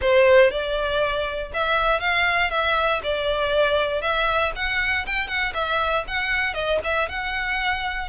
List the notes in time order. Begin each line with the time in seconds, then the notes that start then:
0.01 C5
0.50 D5
1.53 E5
2.00 F5
2.50 E5
3.03 D5
4.01 E5
4.55 F#5
5.06 G5
5.27 F#5
5.53 E5
6.07 F#5
6.54 D#5
6.83 E5
7.08 F#5